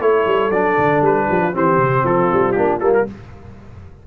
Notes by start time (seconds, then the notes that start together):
0.00 A3 E4 A4 C#5
0.26 G3
0.49 F#3 D4 D5
0.78 D3
1.01 G3 B4
1.27 F3 G4
1.42 F4
1.53 E3 C4 G4 C5
1.78 C3
2.04 F3 F4 A4
2.31 G3
2.52 A#3 D4 G4
2.79 G3 A#3 A4
2.94 A#4